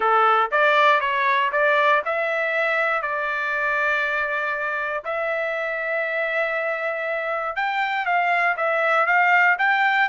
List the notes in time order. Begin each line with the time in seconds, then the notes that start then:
0.00 A4
0.51 D5
1.00 C#5
1.51 D5
2.05 E5
3.02 D5
5.04 E5
7.56 G5
8.05 F5
8.56 E5
9.06 F5
9.58 G5